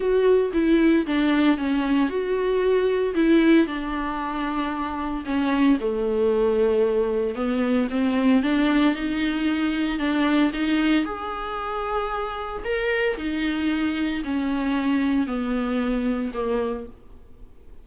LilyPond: \new Staff \with { instrumentName = "viola" } { \time 4/4 \tempo 4 = 114 fis'4 e'4 d'4 cis'4 | fis'2 e'4 d'4~ | d'2 cis'4 a4~ | a2 b4 c'4 |
d'4 dis'2 d'4 | dis'4 gis'2. | ais'4 dis'2 cis'4~ | cis'4 b2 ais4 | }